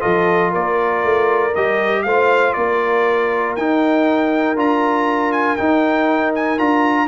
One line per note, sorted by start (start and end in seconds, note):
0.00 0.55 F3
0.00 1.51 F4
0.00 0.51 A4
0.00 0.52 D#5
0.51 1.04 A#3
0.51 2.03 A#4
0.51 1.55 D5
1.04 1.55 A3
1.55 2.05 G3
1.55 2.07 G4
1.55 2.03 D#5
2.03 2.56 A3
2.03 3.59 F4
2.03 2.57 C5
2.03 2.53 F5
2.53 3.57 A#3
2.53 7.08 A#4
2.53 3.54 D5
3.56 4.56 D#4
3.56 4.57 D#4
3.56 4.57 G5
4.56 5.57 D4
4.56 5.57 F4
4.56 5.32 A#5
5.32 5.56 G#5
5.56 6.58 D#4
5.56 6.60 D#4
5.56 6.32 G5
6.35 6.59 G#5
6.58 7.08 D4
6.58 7.08 F4
6.58 7.08 A#5